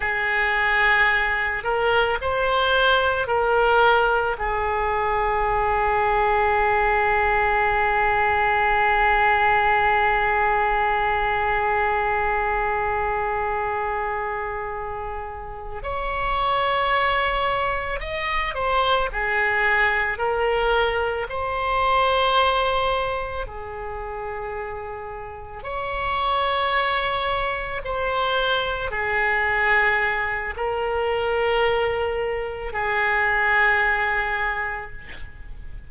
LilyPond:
\new Staff \with { instrumentName = "oboe" } { \time 4/4 \tempo 4 = 55 gis'4. ais'8 c''4 ais'4 | gis'1~ | gis'1~ | gis'2~ gis'8 cis''4.~ |
cis''8 dis''8 c''8 gis'4 ais'4 c''8~ | c''4. gis'2 cis''8~ | cis''4. c''4 gis'4. | ais'2 gis'2 | }